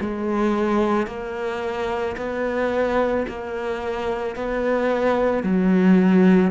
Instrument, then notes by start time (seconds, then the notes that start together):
cello
0.00 G#3
1.07 A#3
2.17 B3
3.27 A#3
4.35 B3
5.43 F#3